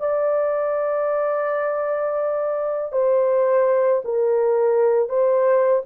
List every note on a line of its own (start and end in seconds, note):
0.00 2.92 D5
2.92 4.02 C5
4.05 5.09 A#4
5.09 5.82 C5